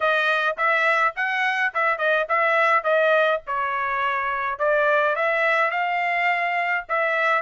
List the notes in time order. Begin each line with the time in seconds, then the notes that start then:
0.00 D#5
0.57 E5
1.16 F#5
1.74 E5
1.98 D#5
2.29 E5
2.83 D#5
3.46 C#5
4.58 D5
5.15 E5
5.70 F5
6.88 E5